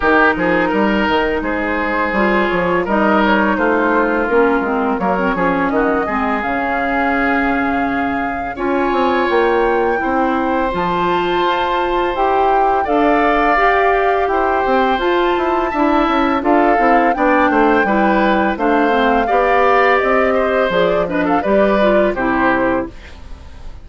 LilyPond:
<<
  \new Staff \with { instrumentName = "flute" } { \time 4/4 \tempo 4 = 84 ais'2 c''4. cis''8 | dis''8 cis''8 c''4 ais'4 cis''4 | dis''4 f''2. | gis''4 g''2 a''4~ |
a''4 g''4 f''2 | g''4 a''2 f''4 | g''2 f''2 | dis''4 d''8 dis''16 f''16 d''4 c''4 | }
  \new Staff \with { instrumentName = "oboe" } { \time 4/4 g'8 gis'8 ais'4 gis'2 | ais'4 f'2 ais'8 gis'8 | fis'8 gis'2.~ gis'8 | cis''2 c''2~ |
c''2 d''2 | c''2 e''4 a'4 | d''8 c''8 b'4 c''4 d''4~ | d''8 c''4 b'16 a'16 b'4 g'4 | }
  \new Staff \with { instrumentName = "clarinet" } { \time 4/4 dis'2. f'4 | dis'2 cis'8 c'8 ais16 c'16 cis'8~ | cis'8 c'8 cis'2. | f'2 e'4 f'4~ |
f'4 g'4 a'4 g'4~ | g'4 f'4 e'4 f'8 e'8 | d'4 e'4 d'8 c'8 g'4~ | g'4 gis'8 d'8 g'8 f'8 e'4 | }
  \new Staff \with { instrumentName = "bassoon" } { \time 4/4 dis8 f8 g8 dis8 gis4 g8 f8 | g4 a4 ais8 gis8 fis8 f8 | dis8 gis8 cis2. | cis'8 c'8 ais4 c'4 f4 |
f'4 e'4 d'4 g'4 | e'8 c'8 f'8 e'8 d'8 cis'8 d'8 c'8 | b8 a8 g4 a4 b4 | c'4 f4 g4 c4 | }
>>